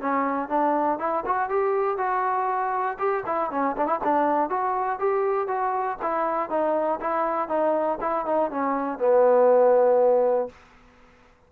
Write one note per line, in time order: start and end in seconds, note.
0.00 0.48 C#4
0.48 0.98 D4
0.99 1.24 E4
1.26 1.49 F#4
1.49 1.97 G4
1.97 2.97 F#4
2.98 3.23 G4
3.25 3.50 E4
3.50 3.75 C#4
3.77 3.86 D4
3.86 3.99 E4
4.03 4.49 D4
4.49 4.99 F#4
4.99 5.47 G4
5.47 5.97 F#4
6.01 6.49 E4
6.49 6.99 D#4
7.00 7.48 E4
7.48 7.98 D#4
8.00 8.25 E4
8.25 8.50 D#4
8.50 8.99 C#4
8.99 10.49 B3